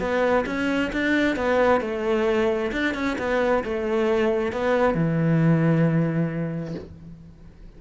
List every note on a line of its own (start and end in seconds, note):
0.00 0.45 B3
0.46 0.91 C#4
0.93 1.36 D4
1.36 1.81 B3
1.81 2.71 A3
2.72 2.95 D4
2.95 3.17 C#4
3.19 3.64 B3
3.64 4.53 A3
4.53 4.95 B3
4.95 6.75 E3